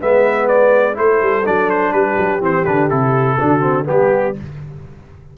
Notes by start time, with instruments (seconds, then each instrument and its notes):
0.00 tuba G#3, trombone B3, horn B4, trumpet E5
0.47 trumpet D5
0.94 tuba A3, trombone E4, horn A4, trumpet C5
1.21 tuba G3
1.45 tuba F#3, trombone D4, trumpet D5
1.70 trumpet C5
1.92 tuba G3, horn G4, trumpet B4
2.18 tuba F#3
2.40 tuba E3, trombone C4, trumpet C5
2.64 tuba D3, trombone D4, trumpet B4
2.89 tuba C3, trombone E4, trumpet A4
3.40 tuba D3, trombone D4, horn F#4
3.60 trombone C4
3.85 tuba G3, trombone B3, horn G4, trumpet G4